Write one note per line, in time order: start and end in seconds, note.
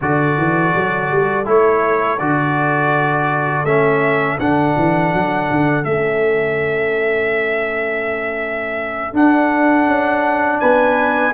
0.01 0.37 D3
0.01 1.45 F#4
0.01 10.60 A4
0.01 1.48 D5
0.37 0.74 E3
0.74 1.11 F#3
1.11 1.47 G3
1.45 2.20 A3
1.45 2.18 E4
1.45 2.19 C#5
2.19 3.64 D3
2.19 3.66 F#4
2.19 3.65 D5
3.64 4.37 A3
3.64 4.39 C#4
3.64 4.38 E5
4.39 4.75 D3
4.39 5.84 D4
4.39 5.84 F#5
4.77 5.13 E3
5.13 5.50 F#3
5.50 5.85 D3
5.84 9.13 A3
5.84 9.13 C#4
5.84 9.13 E5
9.13 9.86 D4
9.13 11.33 D4
9.13 10.59 F#5
9.86 10.59 C#4
10.59 11.34 B3
10.59 11.33 B4
10.59 11.33 G#5